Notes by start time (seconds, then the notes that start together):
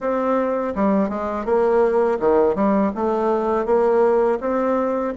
0.00 C4
0.75 G3
1.09 G#3
1.45 A#3
2.19 D#3
2.55 G3
2.95 A3
3.65 A#3
4.40 C4